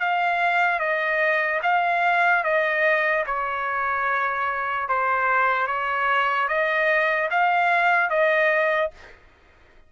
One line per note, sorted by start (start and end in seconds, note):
0.00 0.79 F5
0.79 1.60 D#5
1.63 2.44 F5
2.44 3.25 D#5
3.26 4.88 C#5
4.88 5.67 C5
5.67 6.48 C#5
6.48 7.29 D#5
7.30 8.10 F5
8.10 8.91 D#5